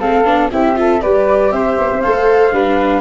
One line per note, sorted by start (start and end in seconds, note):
0.00 0.26 A3
0.00 0.25 C4
0.00 0.51 A4
0.00 0.50 F5
0.25 0.51 B3
0.25 0.50 D4
0.52 1.02 C4
0.52 0.76 E4
0.52 0.78 G4
0.52 1.02 E5
0.76 1.01 F4
0.76 1.02 A4
1.02 1.52 G3
1.02 2.03 G4
1.02 1.53 B4
1.02 1.52 D5
1.52 1.77 C4
1.52 2.54 C5
1.52 2.01 E5
1.79 1.91 B3
1.92 2.05 C4
2.01 2.52 A3
2.01 2.53 A4
2.01 3.01 F5
2.52 3.01 G3
2.52 3.01 D4
2.52 3.01 B4